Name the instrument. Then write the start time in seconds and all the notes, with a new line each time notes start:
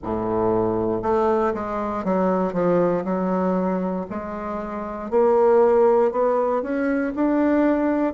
bassoon
0.03 A2
1.02 A3
1.53 G#3
2.04 F#3
2.53 F3
3.04 F#3
4.10 G#3
5.10 A#3
6.11 B3
6.62 C#4
7.15 D4